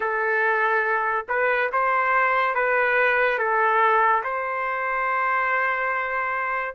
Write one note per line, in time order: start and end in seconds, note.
0.00 1.26 A4
1.28 1.70 B4
1.72 2.55 C5
2.55 3.38 B4
3.38 4.23 A4
4.23 6.75 C5